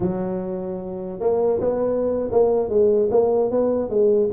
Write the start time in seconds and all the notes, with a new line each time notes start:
0.00 F#3
1.19 A#3
1.60 B3
2.31 A#3
2.69 G#3
3.11 A#3
3.50 B3
3.89 G#3